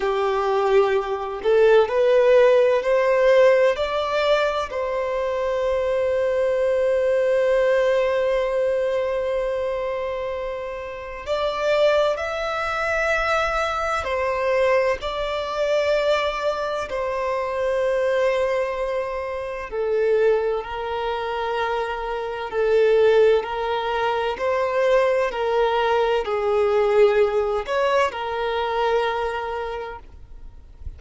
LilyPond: \new Staff \with { instrumentName = "violin" } { \time 4/4 \tempo 4 = 64 g'4. a'8 b'4 c''4 | d''4 c''2.~ | c''1 | d''4 e''2 c''4 |
d''2 c''2~ | c''4 a'4 ais'2 | a'4 ais'4 c''4 ais'4 | gis'4. cis''8 ais'2 | }